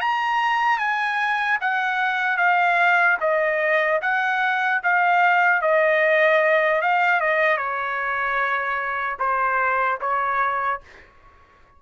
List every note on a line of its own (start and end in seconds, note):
0.00 0.78 A#5
0.78 1.58 G#5
1.60 2.37 F#5
2.37 3.17 F5
3.20 4.00 D#5
4.01 4.81 F#5
4.83 5.61 F5
5.61 6.81 D#5
6.81 7.20 F5
7.20 7.57 D#5
7.57 9.17 C#5
9.19 9.99 C5
10.00 10.80 C#5